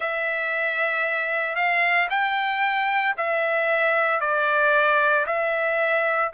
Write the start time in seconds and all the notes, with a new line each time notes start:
0.00 E5
1.55 F5
2.10 G5
3.17 E5
4.20 D5
5.26 E5